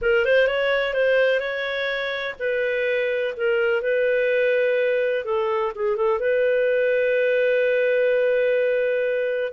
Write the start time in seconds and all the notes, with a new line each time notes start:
0.01 A#4
0.25 C5
0.47 C#5
0.93 C5
1.40 C#5
2.39 B4
3.36 A#4
3.82 B4
5.24 A4
5.75 G#4
5.96 A4
6.19 B4